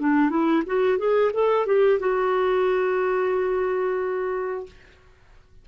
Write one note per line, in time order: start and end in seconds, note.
0.00 0.30 D4
0.30 0.63 E4
0.66 0.98 F#4
0.98 1.32 G#4
1.34 1.67 A4
1.67 2.00 G4
2.00 4.66 F#4